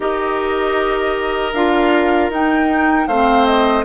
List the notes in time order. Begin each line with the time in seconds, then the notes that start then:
0.00 D#4 G4 A#4 D#5
1.53 D4 F4 F5
2.29 D#4 G5
3.07 A3 C4 C5 F5
3.45 D#5